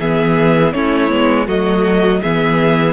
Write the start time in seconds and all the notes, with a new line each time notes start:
0.00 E3 B3 G#4 E5
0.73 A3 C#4 E4 C#5
1.09 G#3 B3
1.47 F#3 A3 F#4 D#5
2.22 E3 B3 G#4 E5